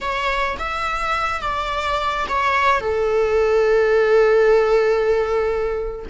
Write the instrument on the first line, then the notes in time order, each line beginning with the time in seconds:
viola
0.00 C#5
0.58 E5
1.41 D5
2.28 C#5
2.80 A4